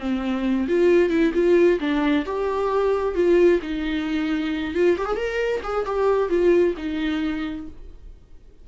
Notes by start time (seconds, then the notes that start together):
0.00 C4
0.68 F4
1.10 E4
1.35 F4
1.81 D4
2.26 G4
3.15 F4
3.62 D#4
4.75 F4
4.98 G4
5.06 G#4
5.16 A#4
5.64 G#4
5.86 G4
6.30 F4
6.78 D#4